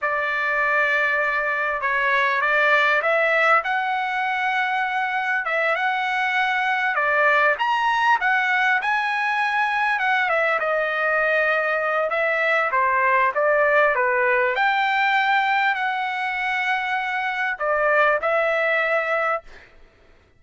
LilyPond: \new Staff \with { instrumentName = "trumpet" } { \time 4/4 \tempo 4 = 99 d''2. cis''4 | d''4 e''4 fis''2~ | fis''4 e''8 fis''2 d''8~ | d''8 ais''4 fis''4 gis''4.~ |
gis''8 fis''8 e''8 dis''2~ dis''8 | e''4 c''4 d''4 b'4 | g''2 fis''2~ | fis''4 d''4 e''2 | }